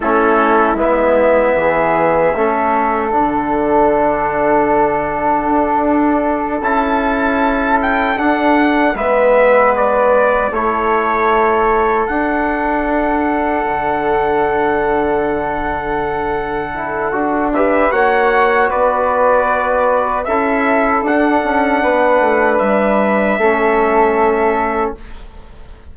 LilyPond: <<
  \new Staff \with { instrumentName = "trumpet" } { \time 4/4 \tempo 4 = 77 a'4 e''2. | fis''1~ | fis''8 a''4. g''8 fis''4 e''8~ | e''8 d''4 cis''2 fis''8~ |
fis''1~ | fis''2~ fis''8 e''8 fis''4 | d''2 e''4 fis''4~ | fis''4 e''2. | }
  \new Staff \with { instrumentName = "flute" } { \time 4/4 e'2 gis'4 a'4~ | a'1~ | a'2.~ a'8 b'8~ | b'4. a'2~ a'8~ |
a'1~ | a'2~ a'8 b'8 cis''4 | b'2 a'2 | b'2 a'2 | }
  \new Staff \with { instrumentName = "trombone" } { \time 4/4 cis'4 b2 cis'4 | d'1~ | d'8 e'2 d'4 b8~ | b4. e'2 d'8~ |
d'1~ | d'4. e'8 fis'8 g'8 fis'4~ | fis'2 e'4 d'4~ | d'2 cis'2 | }
  \new Staff \with { instrumentName = "bassoon" } { \time 4/4 a4 gis4 e4 a4 | d2. d'4~ | d'8 cis'2 d'4 gis8~ | gis4. a2 d'8~ |
d'4. d2~ d8~ | d2 d'4 ais4 | b2 cis'4 d'8 cis'8 | b8 a8 g4 a2 | }
>>